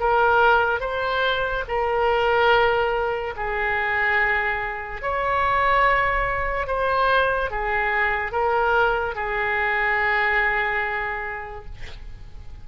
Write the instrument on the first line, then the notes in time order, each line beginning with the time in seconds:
oboe
0.00 A#4
0.81 C5
1.68 A#4
3.36 G#4
5.02 C#5
6.67 C5
7.51 G#4
8.32 A#4
9.16 G#4